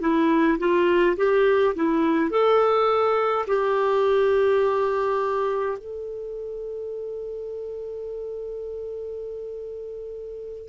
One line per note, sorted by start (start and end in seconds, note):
0.00 0.58 E4
0.59 1.16 F4
1.16 1.74 G4
1.75 2.30 E4
2.30 3.46 A4
3.47 5.77 G4
5.77 10.68 A4